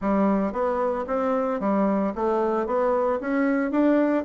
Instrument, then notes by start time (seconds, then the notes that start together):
bassoon
0.01 G3
0.52 B3
1.07 C4
1.60 G3
2.15 A3
2.66 B3
3.20 C#4
3.71 D4